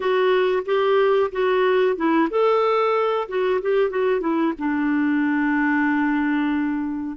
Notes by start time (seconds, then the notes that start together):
0.00 F#4
0.65 G4
1.31 F#4
1.96 E4
2.30 A4
3.28 F#4
3.61 G4
3.90 F#4
4.20 E4
4.58 D4